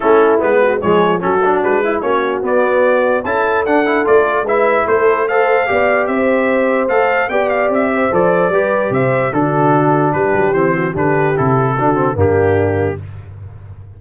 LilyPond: <<
  \new Staff \with { instrumentName = "trumpet" } { \time 4/4 \tempo 4 = 148 a'4 b'4 cis''4 a'4 | b'4 cis''4 d''2 | a''4 fis''4 d''4 e''4 | c''4 f''2 e''4~ |
e''4 f''4 g''8 f''8 e''4 | d''2 e''4 a'4~ | a'4 b'4 c''4 b'4 | a'2 g'2 | }
  \new Staff \with { instrumentName = "horn" } { \time 4/4 e'4. fis'8 gis'4 fis'4~ | fis'8 e'8 fis'2. | a'2. b'4 | a'4 c''4 d''4 c''4~ |
c''2 d''4. c''8~ | c''4 b'4 c''4 fis'4~ | fis'4 g'4. fis'8 g'4~ | g'4 fis'4 d'2 | }
  \new Staff \with { instrumentName = "trombone" } { \time 4/4 cis'4 b4 gis4 cis'8 d'8~ | d'8 e'8 cis'4 b2 | e'4 d'8 e'8 f'4 e'4~ | e'4 a'4 g'2~ |
g'4 a'4 g'2 | a'4 g'2 d'4~ | d'2 c'4 d'4 | e'4 d'8 c'8 ais2 | }
  \new Staff \with { instrumentName = "tuba" } { \time 4/4 a4 gis4 f4 fis4 | gis4 ais4 b2 | cis'4 d'4 a4 gis4 | a2 b4 c'4~ |
c'4 a4 b4 c'4 | f4 g4 c4 d4~ | d4 g8 fis8 e4 d4 | c4 d4 g,2 | }
>>